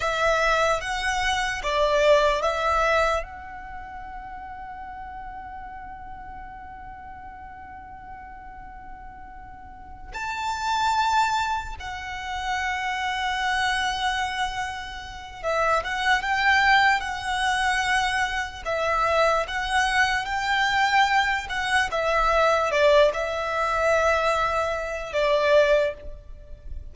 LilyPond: \new Staff \with { instrumentName = "violin" } { \time 4/4 \tempo 4 = 74 e''4 fis''4 d''4 e''4 | fis''1~ | fis''1~ | fis''8 a''2 fis''4.~ |
fis''2. e''8 fis''8 | g''4 fis''2 e''4 | fis''4 g''4. fis''8 e''4 | d''8 e''2~ e''8 d''4 | }